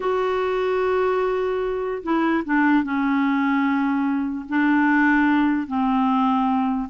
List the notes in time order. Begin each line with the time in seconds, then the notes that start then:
0.00 F#4
2.03 E4
2.44 D4
2.83 C#4
4.49 D4
5.67 C4